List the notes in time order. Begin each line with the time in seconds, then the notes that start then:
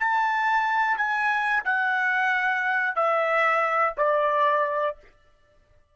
0.00 A5
0.97 G#5
1.65 F#5
2.96 E5
3.97 D5